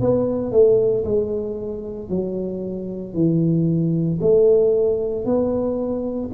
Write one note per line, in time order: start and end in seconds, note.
0.00 0.51 B3
0.51 1.04 A3
1.04 2.09 G#3
2.09 3.14 F#3
3.14 4.19 E3
4.21 5.25 A3
5.25 6.30 B3